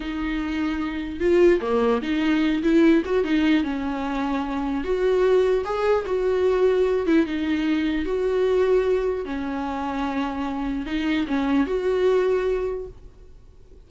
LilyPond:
\new Staff \with { instrumentName = "viola" } { \time 4/4 \tempo 4 = 149 dis'2. f'4 | ais4 dis'4. e'4 fis'8 | dis'4 cis'2. | fis'2 gis'4 fis'4~ |
fis'4. e'8 dis'2 | fis'2. cis'4~ | cis'2. dis'4 | cis'4 fis'2. | }